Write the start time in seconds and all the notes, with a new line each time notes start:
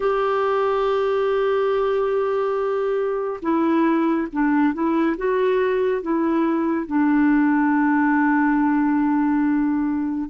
0.00 G4
3.41 E4
4.32 D4
4.73 E4
5.17 F#4
6.02 E4
6.86 D4